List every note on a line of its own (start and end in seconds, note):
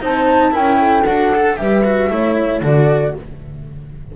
0.00 0.55 C4
0.00 0.51 D#4
0.00 0.52 C5
0.00 0.56 A5
0.51 1.06 C#4
0.51 1.03 E4
0.51 0.78 A#4
0.51 1.04 G5
0.79 1.57 A4
1.04 1.58 D4
1.04 1.33 F#4
1.04 1.57 F#5
1.35 1.57 A4
1.57 2.10 G3
1.57 1.83 G4
1.57 2.12 B4
1.57 2.61 E5
1.85 2.10 F#4
2.10 2.62 A3
2.10 2.62 E4
2.10 2.64 C#5
2.62 3.14 D3
2.62 3.15 F#4
2.62 3.16 A4
2.62 3.17 D5